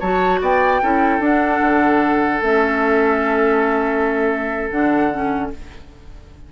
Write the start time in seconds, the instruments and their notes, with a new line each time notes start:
0.00 bassoon F#3, clarinet F#4, oboe C#5, flute A5
0.41 bassoon B3, oboe D5, flute G5
0.82 bassoon C#4, clarinet E4, oboe A4
1.20 bassoon D4, clarinet D4, flute F#5
1.61 bassoon D3
2.41 bassoon A3, clarinet C#4, flute E5
4.71 bassoon D3, clarinet D4, flute F#5
5.12 clarinet C#4